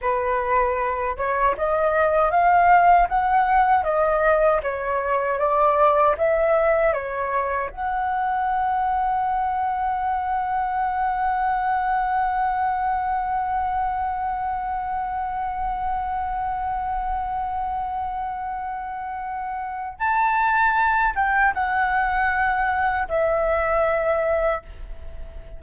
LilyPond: \new Staff \with { instrumentName = "flute" } { \time 4/4 \tempo 4 = 78 b'4. cis''8 dis''4 f''4 | fis''4 dis''4 cis''4 d''4 | e''4 cis''4 fis''2~ | fis''1~ |
fis''1~ | fis''1~ | fis''2 a''4. g''8 | fis''2 e''2 | }